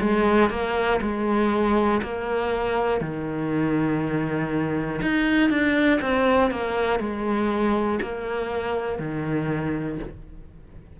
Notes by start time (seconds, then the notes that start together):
0.00 G#3
0.50 A#3
1.01 G#3
2.02 A#3
3.00 D#3
5.02 D#4
5.50 D4
6.01 C4
6.50 A#3
7.00 G#3
8.01 A#3
8.99 D#3